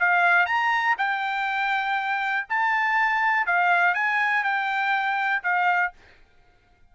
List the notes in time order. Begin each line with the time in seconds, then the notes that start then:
0.00 F5
0.46 A#5
0.98 G5
2.49 A5
3.47 F5
3.95 G#5
4.44 G5
5.44 F5